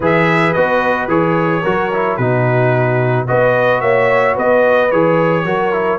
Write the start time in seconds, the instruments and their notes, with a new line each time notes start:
0.00 tuba E3, trombone G#4, horn B4, trumpet E5
0.53 tuba B3, trombone F#4, trumpet D#5
1.07 tuba E3, trombone G#4, trumpet C#5
1.62 tuba F#3, trombone F#4, horn A#4
1.93 trombone E4
2.16 tuba B2, trombone D#4, horn F#4, trumpet B4
3.27 tuba B3, trombone F#4, horn B4, trumpet D#5
3.80 tuba A#3, horn C#5, trumpet E5
4.34 tuba B3, horn B4, trumpet D#5
4.91 tuba E3, trombone G#4, trumpet C#5
5.44 tuba F#3, trombone F#4, horn A#4
5.72 trombone E4